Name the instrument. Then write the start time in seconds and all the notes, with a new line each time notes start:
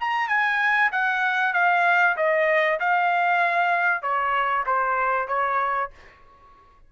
trumpet
0.00 A#5
0.28 G#5
0.92 F#5
1.53 F5
2.16 D#5
2.80 F5
4.02 C#5
4.66 C5
5.28 C#5